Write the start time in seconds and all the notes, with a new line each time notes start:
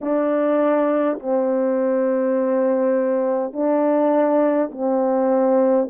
0.01 D4
1.19 C4
3.52 D4
4.71 C4